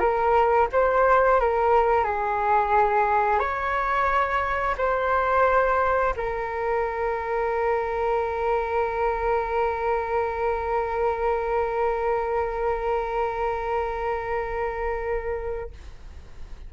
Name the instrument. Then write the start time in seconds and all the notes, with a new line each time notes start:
flute
0.00 A#4
0.73 C5
1.40 A#4
2.05 G#4
3.40 C#5
4.78 C5
6.17 A#4